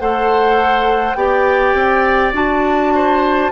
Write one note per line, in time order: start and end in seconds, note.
0.00 1.15 A3
0.00 1.17 A4
0.00 1.17 C5
0.00 1.14 F#5
1.14 1.74 B3
1.14 2.33 G4
1.14 2.94 D5
1.14 2.32 G5
1.74 2.33 C4
2.33 3.51 D4
2.33 3.51 F#4
2.33 3.52 A5
2.95 3.52 C5